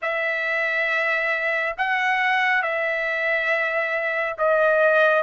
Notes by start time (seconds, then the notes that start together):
0.02 E5
1.77 F#5
2.62 E5
4.38 D#5